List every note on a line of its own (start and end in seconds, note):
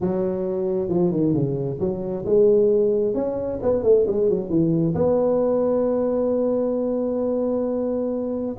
0.00 0.88 F#3
0.88 1.11 F3
1.11 1.33 D#3
1.33 1.78 C#3
1.80 2.25 F#3
2.25 3.14 G#3
3.14 3.59 C#4
3.62 3.83 B3
3.83 4.05 A3
4.07 4.29 G#3
4.29 4.49 F#3
4.49 4.94 E3
4.95 8.55 B3